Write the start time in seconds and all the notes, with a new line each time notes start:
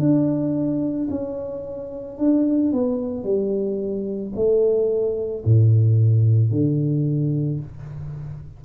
0.00 D4
1.11 C#4
2.18 D4
2.73 B3
3.24 G3
4.35 A3
5.45 A2
6.52 D3